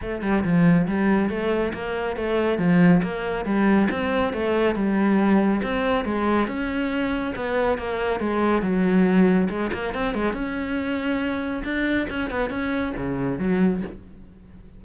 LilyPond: \new Staff \with { instrumentName = "cello" } { \time 4/4 \tempo 4 = 139 a8 g8 f4 g4 a4 | ais4 a4 f4 ais4 | g4 c'4 a4 g4~ | g4 c'4 gis4 cis'4~ |
cis'4 b4 ais4 gis4 | fis2 gis8 ais8 c'8 gis8 | cis'2. d'4 | cis'8 b8 cis'4 cis4 fis4 | }